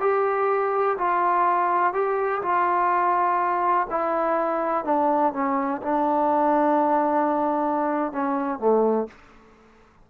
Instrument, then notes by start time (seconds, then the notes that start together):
trombone
0.00 G4
0.97 F4
1.93 G4
2.42 F4
3.90 E4
4.84 D4
5.33 C#4
5.82 D4
8.12 C#4
8.59 A3